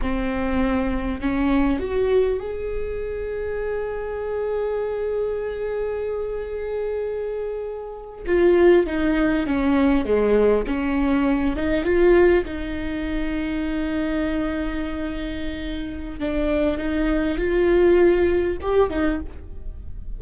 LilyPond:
\new Staff \with { instrumentName = "viola" } { \time 4/4 \tempo 4 = 100 c'2 cis'4 fis'4 | gis'1~ | gis'1~ | gis'4.~ gis'16 f'4 dis'4 cis'16~ |
cis'8. gis4 cis'4. dis'8 f'16~ | f'8. dis'2.~ dis'16~ | dis'2. d'4 | dis'4 f'2 g'8 dis'8 | }